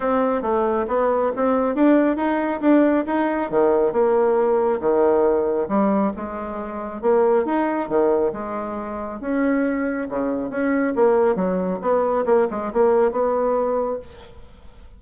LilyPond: \new Staff \with { instrumentName = "bassoon" } { \time 4/4 \tempo 4 = 137 c'4 a4 b4 c'4 | d'4 dis'4 d'4 dis'4 | dis4 ais2 dis4~ | dis4 g4 gis2 |
ais4 dis'4 dis4 gis4~ | gis4 cis'2 cis4 | cis'4 ais4 fis4 b4 | ais8 gis8 ais4 b2 | }